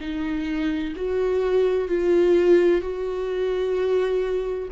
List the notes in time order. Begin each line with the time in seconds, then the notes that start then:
0.00 D#4
0.95 F#4
1.88 F4
2.81 F#4